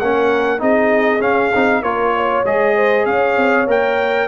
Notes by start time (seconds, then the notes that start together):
0.00 A#3 C#4 A#4 F#5
0.59 C4 D#4 G#4 D#5
1.21 C#4 F5
1.55 C4 D#4
1.83 A#3 F4 A#4 C#5
2.17 C#5
2.45 G#3 G#4 D#5
2.76 C5
3.06 C#4 C#5 F5
3.37 C4
3.67 A#3 A#4 G5